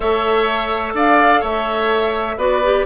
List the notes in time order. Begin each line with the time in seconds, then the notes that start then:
0.00 A3 A4 C#5 E5
0.94 D4 D5 F5
1.40 A3 C#5 E5
2.36 B3 F#4 B4 D5
2.63 G4